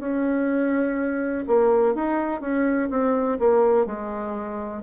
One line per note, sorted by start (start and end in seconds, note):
0.00 1.45 C#4
1.47 1.95 A#3
1.95 2.41 D#4
2.41 2.89 C#4
2.90 3.39 C4
3.40 3.86 A#3
3.86 4.83 G#3